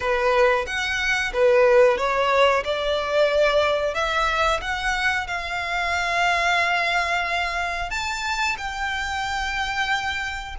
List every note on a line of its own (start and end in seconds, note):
0.00 0.65 B4
0.66 1.32 F#5
1.33 1.98 B4
1.98 2.63 C#5
2.64 3.94 D5
3.94 4.60 E5
4.61 5.27 F#5
5.27 7.90 F5
7.90 8.56 A5
8.57 10.55 G5